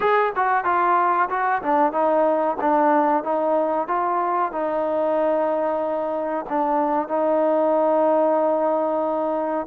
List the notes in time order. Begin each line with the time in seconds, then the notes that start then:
0.00 G#4
0.35 F#4
0.64 F4
1.29 F#4
1.62 D4
1.92 D#4
2.60 D4
3.23 D#4
3.87 F4
4.52 D#4
6.49 D4
7.08 D#4